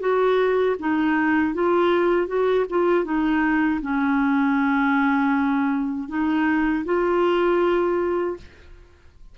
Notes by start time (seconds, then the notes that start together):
0.00 F#4
0.79 D#4
1.54 F4
2.27 F#4
2.70 F4
3.04 D#4
3.81 C#4
6.08 D#4
6.85 F4